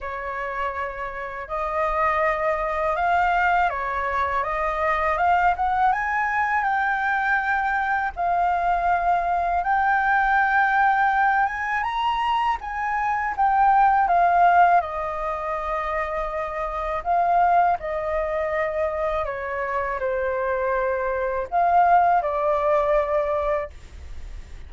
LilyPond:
\new Staff \with { instrumentName = "flute" } { \time 4/4 \tempo 4 = 81 cis''2 dis''2 | f''4 cis''4 dis''4 f''8 fis''8 | gis''4 g''2 f''4~ | f''4 g''2~ g''8 gis''8 |
ais''4 gis''4 g''4 f''4 | dis''2. f''4 | dis''2 cis''4 c''4~ | c''4 f''4 d''2 | }